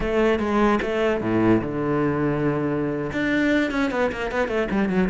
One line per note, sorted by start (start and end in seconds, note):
0.00 0.39 A3
0.39 0.79 G#3
0.82 1.21 A3
1.21 1.61 A2
1.61 3.11 D3
3.12 3.71 D4
3.71 3.91 C#4
3.91 4.11 B3
4.11 4.31 A#3
4.31 4.48 B3
4.48 4.68 A3
4.71 4.89 G3
4.89 5.09 F#3